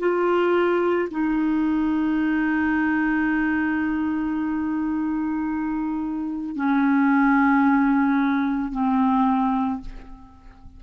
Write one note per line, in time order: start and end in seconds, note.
0.00 1.09 F4
1.11 6.56 D#4
6.56 8.72 C#4
8.72 9.81 C4